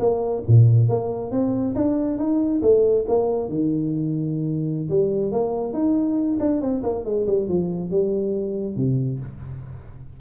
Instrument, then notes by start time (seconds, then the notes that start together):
tuba
0.00 A#3
0.48 A#2
0.89 A#3
1.32 C4
1.76 D4
2.18 D#4
2.62 A3
3.08 A#3
3.49 D#3
4.90 G3
5.32 A#3
5.74 D#4
6.40 D4
6.62 C4
6.84 A#3
7.05 G#3
7.27 G3
7.49 F3
7.91 G3
8.76 C3